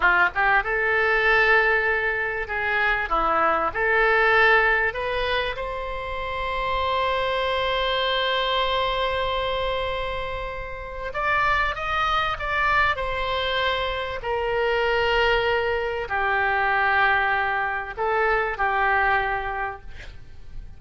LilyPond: \new Staff \with { instrumentName = "oboe" } { \time 4/4 \tempo 4 = 97 f'8 g'8 a'2. | gis'4 e'4 a'2 | b'4 c''2.~ | c''1~ |
c''2 d''4 dis''4 | d''4 c''2 ais'4~ | ais'2 g'2~ | g'4 a'4 g'2 | }